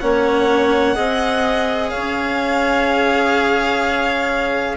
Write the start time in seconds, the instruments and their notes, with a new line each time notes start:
0.00 bassoon A#3, cello C#4, clarinet C#5, violin F#5
0.95 bassoon C4, cello G#4, clarinet D#5
1.90 clarinet C#5, violin F5
1.97 bassoon C#4